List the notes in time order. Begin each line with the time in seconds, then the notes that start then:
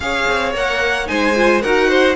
0.00 C#4 G#4 C#5 F5
0.28 C4
0.52 A#3 A#4 F#5
1.06 G#3 D#4 C5 G#5
1.35 F4
1.62 D#4 F#4 A#4 F#5
1.89 C5